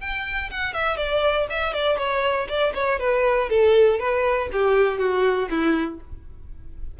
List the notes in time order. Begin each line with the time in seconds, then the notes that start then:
0.00 G5
0.50 F#5
0.73 E5
0.97 D5
1.50 E5
1.73 D5
1.97 C#5
2.48 D5
2.74 C#5
2.99 B4
3.49 A4
3.99 B4
4.52 G4
4.98 F#4
5.49 E4